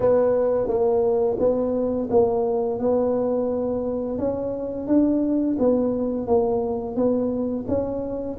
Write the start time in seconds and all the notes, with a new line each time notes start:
0.00 B3
0.67 A#3
1.39 B3
2.10 A#3
2.79 B3
4.18 C#4
4.87 D4
5.58 B3
6.27 A#3
6.95 B3
7.68 C#4